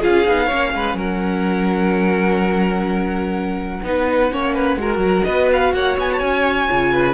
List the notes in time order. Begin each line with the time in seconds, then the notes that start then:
0.00 C#4 F4 G#4 F5
0.26 B3 D#4
0.46 A#3 C#4 C#5
0.74 G#3 B4
0.94 F#3 A#4 F#5
3.83 B3 D#4 B4
4.31 A#3 C#4 C#5
4.54 B4
4.76 G#3 F#4 A#4
4.97 F#3
5.23 B3 B4 D#5
5.52 F5
5.73 A#3 C#5 F#5
5.97 B3 G#5
6.12 A5
6.19 C#4 G#5
6.68 C#3 F4
6.92 B4